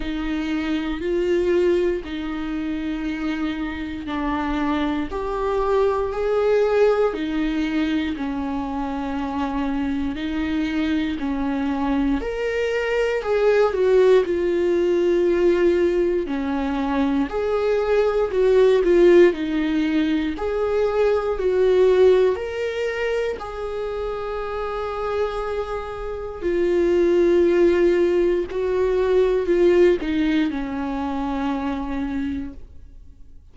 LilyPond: \new Staff \with { instrumentName = "viola" } { \time 4/4 \tempo 4 = 59 dis'4 f'4 dis'2 | d'4 g'4 gis'4 dis'4 | cis'2 dis'4 cis'4 | ais'4 gis'8 fis'8 f'2 |
cis'4 gis'4 fis'8 f'8 dis'4 | gis'4 fis'4 ais'4 gis'4~ | gis'2 f'2 | fis'4 f'8 dis'8 cis'2 | }